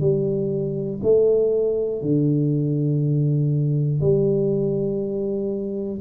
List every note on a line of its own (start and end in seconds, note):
0.00 1.00 G3
1.03 2.01 A3
2.01 4.00 D3
4.00 6.00 G3